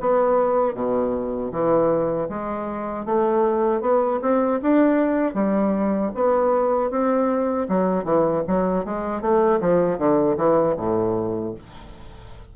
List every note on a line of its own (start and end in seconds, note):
0.00 0.74 B3
0.74 1.51 B2
1.52 2.29 E3
2.29 3.05 G#3
3.05 3.81 A3
3.81 4.20 B3
4.22 4.60 C4
4.62 5.34 D4
5.34 6.11 G3
6.15 6.91 B3
6.91 7.67 C4
7.69 8.04 F#3
8.04 8.43 E3
8.47 8.85 F#3
8.85 9.21 G#3
9.21 9.60 A3
9.60 9.98 F3
9.98 10.36 D3
10.37 10.76 E3
10.77 11.54 A2